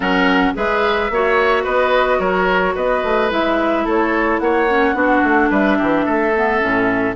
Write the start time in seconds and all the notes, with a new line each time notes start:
0.00 F#3 C#4 A#4 F#5
0.54 G#3 G#4 B4 E5
1.10 A#3 F#4 C#5
1.63 B3 B4 D#5
2.19 F#3 A#4 C#5
2.75 B3 B4 D#5
3.03 A3
3.30 G#3 E4 E5
3.85 A3 A4 C#5
4.39 A#3 C#5 F#5
4.69 C#4
4.94 B3 D4 F#4
5.23 A3
5.50 G3 B4 E5
5.77 E3 G4
6.05 A3 A4
6.36 B3
6.59 A2 C#4